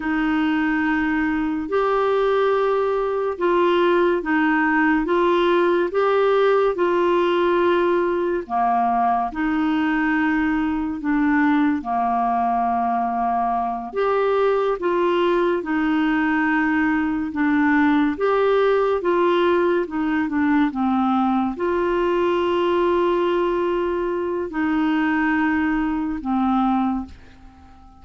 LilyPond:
\new Staff \with { instrumentName = "clarinet" } { \time 4/4 \tempo 4 = 71 dis'2 g'2 | f'4 dis'4 f'4 g'4 | f'2 ais4 dis'4~ | dis'4 d'4 ais2~ |
ais8 g'4 f'4 dis'4.~ | dis'8 d'4 g'4 f'4 dis'8 | d'8 c'4 f'2~ f'8~ | f'4 dis'2 c'4 | }